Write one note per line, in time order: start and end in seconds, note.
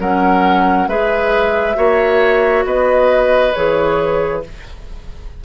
0.00 0.88 F#3
0.00 0.89 C#4
0.00 0.89 A#4
0.00 0.89 F#5
0.88 1.76 G#3
0.88 1.75 G#4
0.88 1.77 B4
0.88 2.65 E5
1.75 2.65 A#3
1.75 3.52 F#4
1.75 2.65 C#5
2.65 3.53 B3
2.65 4.43 B4
2.65 3.54 D#5
3.54 4.45 E3
3.54 4.44 G#4
3.54 4.42 C#5